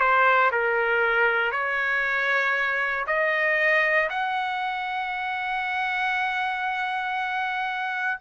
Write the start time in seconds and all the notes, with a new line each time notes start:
0.00 C5
0.52 A#4
1.52 C#5
3.07 D#5
4.10 F#5